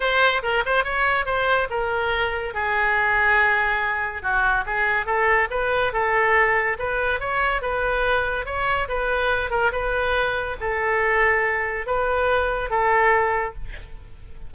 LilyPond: \new Staff \with { instrumentName = "oboe" } { \time 4/4 \tempo 4 = 142 c''4 ais'8 c''8 cis''4 c''4 | ais'2 gis'2~ | gis'2 fis'4 gis'4 | a'4 b'4 a'2 |
b'4 cis''4 b'2 | cis''4 b'4. ais'8 b'4~ | b'4 a'2. | b'2 a'2 | }